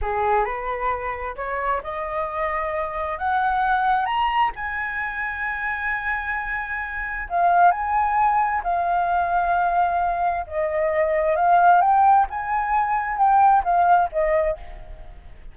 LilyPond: \new Staff \with { instrumentName = "flute" } { \time 4/4 \tempo 4 = 132 gis'4 b'2 cis''4 | dis''2. fis''4~ | fis''4 ais''4 gis''2~ | gis''1 |
f''4 gis''2 f''4~ | f''2. dis''4~ | dis''4 f''4 g''4 gis''4~ | gis''4 g''4 f''4 dis''4 | }